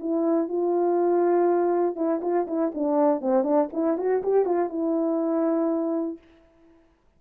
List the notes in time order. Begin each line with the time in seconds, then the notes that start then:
0.00 E4
0.48 F4
1.96 E4
2.22 F4
2.47 E4
2.75 D4
3.21 C4
3.44 D4
3.73 E4
3.98 F#4
4.23 G4
4.45 F4
4.69 E4